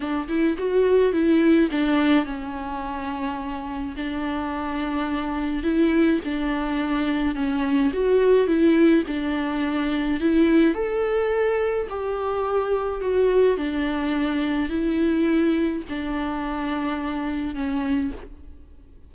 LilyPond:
\new Staff \with { instrumentName = "viola" } { \time 4/4 \tempo 4 = 106 d'8 e'8 fis'4 e'4 d'4 | cis'2. d'4~ | d'2 e'4 d'4~ | d'4 cis'4 fis'4 e'4 |
d'2 e'4 a'4~ | a'4 g'2 fis'4 | d'2 e'2 | d'2. cis'4 | }